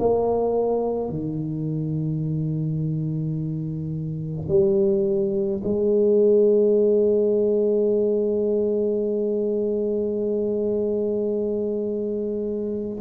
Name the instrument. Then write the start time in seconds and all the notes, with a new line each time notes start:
tuba
0.00 A#3
1.10 D#3
4.49 G3
5.64 G#3